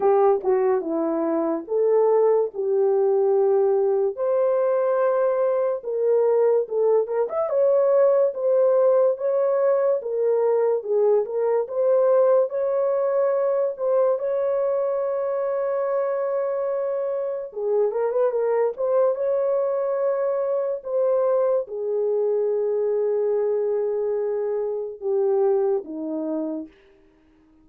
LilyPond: \new Staff \with { instrumentName = "horn" } { \time 4/4 \tempo 4 = 72 g'8 fis'8 e'4 a'4 g'4~ | g'4 c''2 ais'4 | a'8 ais'16 e''16 cis''4 c''4 cis''4 | ais'4 gis'8 ais'8 c''4 cis''4~ |
cis''8 c''8 cis''2.~ | cis''4 gis'8 ais'16 b'16 ais'8 c''8 cis''4~ | cis''4 c''4 gis'2~ | gis'2 g'4 dis'4 | }